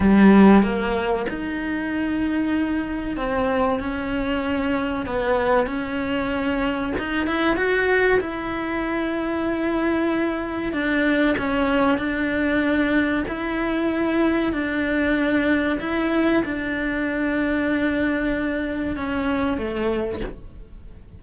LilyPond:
\new Staff \with { instrumentName = "cello" } { \time 4/4 \tempo 4 = 95 g4 ais4 dis'2~ | dis'4 c'4 cis'2 | b4 cis'2 dis'8 e'8 | fis'4 e'2.~ |
e'4 d'4 cis'4 d'4~ | d'4 e'2 d'4~ | d'4 e'4 d'2~ | d'2 cis'4 a4 | }